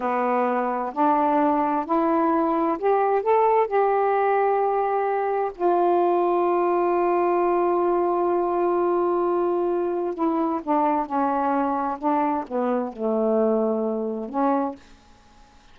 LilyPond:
\new Staff \with { instrumentName = "saxophone" } { \time 4/4 \tempo 4 = 130 b2 d'2 | e'2 g'4 a'4 | g'1 | f'1~ |
f'1~ | f'2 e'4 d'4 | cis'2 d'4 b4 | a2. cis'4 | }